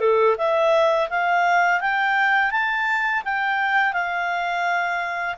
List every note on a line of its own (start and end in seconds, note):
0.00 0.36 A4
0.38 1.09 E5
1.10 1.81 F5
1.81 2.51 G5
2.51 3.23 A5
3.25 3.93 G5
3.93 5.36 F5